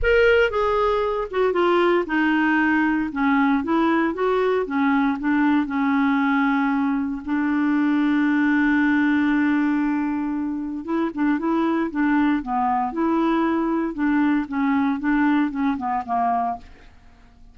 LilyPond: \new Staff \with { instrumentName = "clarinet" } { \time 4/4 \tempo 4 = 116 ais'4 gis'4. fis'8 f'4 | dis'2 cis'4 e'4 | fis'4 cis'4 d'4 cis'4~ | cis'2 d'2~ |
d'1~ | d'4 e'8 d'8 e'4 d'4 | b4 e'2 d'4 | cis'4 d'4 cis'8 b8 ais4 | }